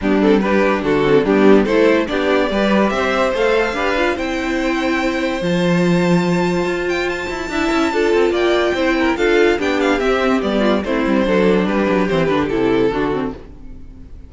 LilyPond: <<
  \new Staff \with { instrumentName = "violin" } { \time 4/4 \tempo 4 = 144 g'8 a'8 b'4 a'4 g'4 | c''4 d''2 e''4 | f''2 g''2~ | g''4 a''2.~ |
a''8 g''8 a''2. | g''2 f''4 g''8 f''8 | e''4 d''4 c''2 | b'4 c''8 b'8 a'2 | }
  \new Staff \with { instrumentName = "violin" } { \time 4/4 d'4 g'4 fis'4 d'4 | a'4 g'4 b'4 c''4~ | c''4 b'4 c''2~ | c''1~ |
c''2 e''4 a'4 | d''4 c''8 ais'8 a'4 g'4~ | g'4. f'8 e'4 a'4 | g'2. fis'4 | }
  \new Staff \with { instrumentName = "viola" } { \time 4/4 b8 c'8 d'4. c'8 b4 | e'4 d'4 g'2 | a'4 g'8 f'8 e'2~ | e'4 f'2.~ |
f'2 e'4 f'4~ | f'4 e'4 f'4 d'4 | c'4 b4 c'4 d'4~ | d'4 c'8 d'8 e'4 d'8 c'8 | }
  \new Staff \with { instrumentName = "cello" } { \time 4/4 g2 d4 g4 | a4 b4 g4 c'4 | a4 d'4 c'2~ | c'4 f2. |
f'4. e'8 d'8 cis'8 d'8 c'8 | ais4 c'4 d'4 b4 | c'4 g4 a8 g8 fis4 | g8 fis8 e8 d8 c4 d4 | }
>>